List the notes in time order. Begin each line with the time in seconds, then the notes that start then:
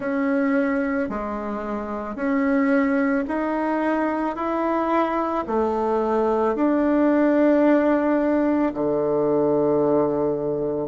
0.00 C#4
1.09 G#3
2.15 C#4
3.27 D#4
4.35 E4
5.47 A3
6.55 D4
8.73 D3